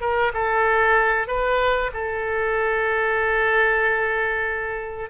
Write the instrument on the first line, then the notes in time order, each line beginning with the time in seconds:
oboe
0.00 A#4
0.33 A4
1.27 B4
1.93 A4